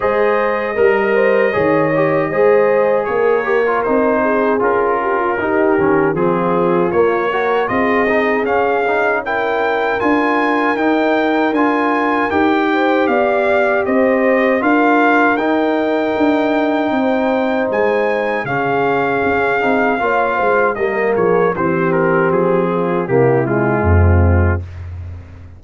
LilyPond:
<<
  \new Staff \with { instrumentName = "trumpet" } { \time 4/4 \tempo 4 = 78 dis''1 | cis''4 c''4 ais'2 | gis'4 cis''4 dis''4 f''4 | g''4 gis''4 g''4 gis''4 |
g''4 f''4 dis''4 f''4 | g''2. gis''4 | f''2. dis''8 cis''8 | c''8 ais'8 gis'4 g'8 f'4. | }
  \new Staff \with { instrumentName = "horn" } { \time 4/4 c''4 ais'8 c''8 cis''4 c''4 | ais'4. gis'4 g'16 f'16 g'4 | f'4. ais'8 gis'2 | ais'1~ |
ais'8 c''8 d''4 c''4 ais'4~ | ais'2 c''2 | gis'2 cis''8 c''8 ais'8 gis'8 | g'4. f'8 e'4 c'4 | }
  \new Staff \with { instrumentName = "trombone" } { \time 4/4 gis'4 ais'4 gis'8 g'8 gis'4~ | gis'8 g'16 f'16 dis'4 f'4 dis'8 cis'8 | c'4 ais8 fis'8 f'8 dis'8 cis'8 dis'8 | e'4 f'4 dis'4 f'4 |
g'2. f'4 | dis'1 | cis'4. dis'8 f'4 ais4 | c'2 ais8 gis4. | }
  \new Staff \with { instrumentName = "tuba" } { \time 4/4 gis4 g4 dis4 gis4 | ais4 c'4 cis'4 dis'8 dis8 | f4 ais4 c'4 cis'4~ | cis'4 d'4 dis'4 d'4 |
dis'4 b4 c'4 d'4 | dis'4 d'4 c'4 gis4 | cis4 cis'8 c'8 ais8 gis8 g8 f8 | e4 f4 c4 f,4 | }
>>